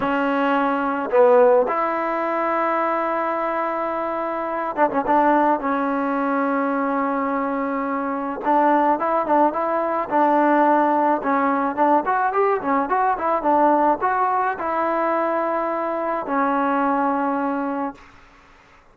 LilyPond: \new Staff \with { instrumentName = "trombone" } { \time 4/4 \tempo 4 = 107 cis'2 b4 e'4~ | e'1~ | e'8 d'16 cis'16 d'4 cis'2~ | cis'2. d'4 |
e'8 d'8 e'4 d'2 | cis'4 d'8 fis'8 g'8 cis'8 fis'8 e'8 | d'4 fis'4 e'2~ | e'4 cis'2. | }